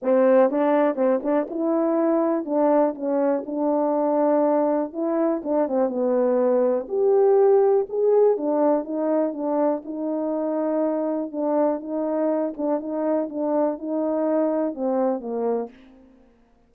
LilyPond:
\new Staff \with { instrumentName = "horn" } { \time 4/4 \tempo 4 = 122 c'4 d'4 c'8 d'8 e'4~ | e'4 d'4 cis'4 d'4~ | d'2 e'4 d'8 c'8 | b2 g'2 |
gis'4 d'4 dis'4 d'4 | dis'2. d'4 | dis'4. d'8 dis'4 d'4 | dis'2 c'4 ais4 | }